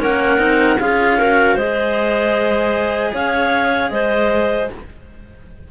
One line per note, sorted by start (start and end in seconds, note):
0.00 0.39 A#3
0.00 0.38 C#4
0.00 0.80 A#4
0.00 0.80 F#5
0.38 0.78 C4
0.38 0.77 D#4
0.80 1.56 C#4
0.80 1.20 F4
0.80 1.18 G#4
0.80 1.58 F5
1.18 1.60 F#4
1.18 1.55 A#4
1.55 3.12 G#3
1.55 4.71 G#4
1.55 3.11 C5
1.55 3.13 D#5
3.14 3.91 C#4
3.14 3.92 C#5
3.14 3.91 F5
3.91 4.69 G#3
3.91 4.71 C5
3.91 4.69 D#5